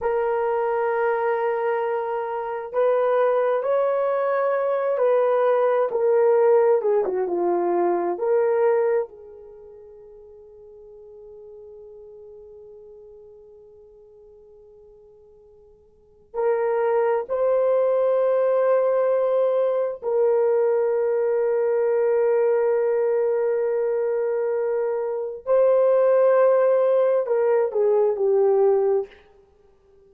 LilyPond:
\new Staff \with { instrumentName = "horn" } { \time 4/4 \tempo 4 = 66 ais'2. b'4 | cis''4. b'4 ais'4 gis'16 fis'16 | f'4 ais'4 gis'2~ | gis'1~ |
gis'2 ais'4 c''4~ | c''2 ais'2~ | ais'1 | c''2 ais'8 gis'8 g'4 | }